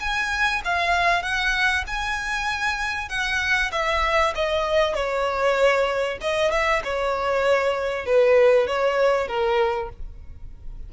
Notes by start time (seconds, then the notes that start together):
0.00 G#5
0.65 F5
1.23 F#5
1.87 G#5
3.09 F#5
3.72 E5
4.35 D#5
4.95 C#5
6.21 D#5
6.51 E5
6.84 C#5
8.06 B4
8.67 C#5
9.28 A#4